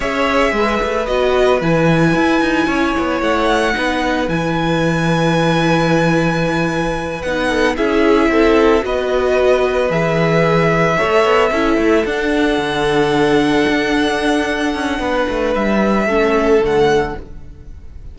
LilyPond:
<<
  \new Staff \with { instrumentName = "violin" } { \time 4/4 \tempo 4 = 112 e''2 dis''4 gis''4~ | gis''2 fis''2 | gis''1~ | gis''4. fis''4 e''4.~ |
e''8 dis''2 e''4.~ | e''2~ e''8 fis''4.~ | fis''1~ | fis''4 e''2 fis''4 | }
  \new Staff \with { instrumentName = "violin" } { \time 4/4 cis''4 b'2.~ | b'4 cis''2 b'4~ | b'1~ | b'2 a'8 gis'4 a'8~ |
a'8 b'2.~ b'8~ | b'8 cis''4 a'2~ a'8~ | a'1 | b'2 a'2 | }
  \new Staff \with { instrumentName = "viola" } { \time 4/4 gis'2 fis'4 e'4~ | e'2. dis'4 | e'1~ | e'4. dis'4 e'4.~ |
e'8 fis'2 gis'4.~ | gis'8 a'4 e'4 d'4.~ | d'1~ | d'2 cis'4 a4 | }
  \new Staff \with { instrumentName = "cello" } { \time 4/4 cis'4 gis8 a8 b4 e4 | e'8 dis'8 cis'8 b8 a4 b4 | e1~ | e4. b4 cis'4 c'8~ |
c'8 b2 e4.~ | e8 a8 b8 cis'8 a8 d'4 d8~ | d4. d'2 cis'8 | b8 a8 g4 a4 d4 | }
>>